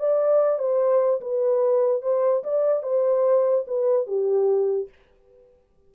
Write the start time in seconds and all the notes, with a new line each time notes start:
0.00 D5
0.59 C5
1.21 B4
2.02 C5
2.44 D5
2.83 C5
3.67 B4
4.07 G4